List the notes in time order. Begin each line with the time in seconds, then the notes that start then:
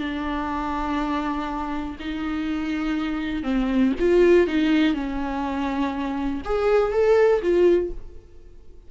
0.00 D4
2.00 D#4
3.44 C4
4.00 F4
4.47 D#4
4.94 C#4
6.45 G#4
6.93 A4
7.42 F4